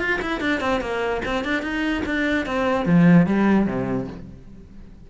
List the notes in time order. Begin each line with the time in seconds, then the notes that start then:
0.00 F4
0.22 E4
0.41 D4
0.61 C4
0.81 A#3
1.25 C4
1.45 D4
1.63 D#4
2.06 D4
2.47 C4
2.86 F3
3.27 G3
3.67 C3